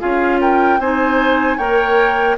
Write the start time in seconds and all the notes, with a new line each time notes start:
0.00 C#4 F4 G#4 F5
0.41 A#4 G5
0.79 C4 D#4 C5 G#5
1.58 A#3 A#4 C#5 G5